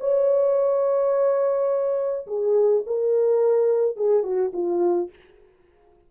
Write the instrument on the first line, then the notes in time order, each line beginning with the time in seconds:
horn
0.00 C#5
2.27 G#4
2.86 A#4
3.96 G#4
4.23 F#4
4.53 F4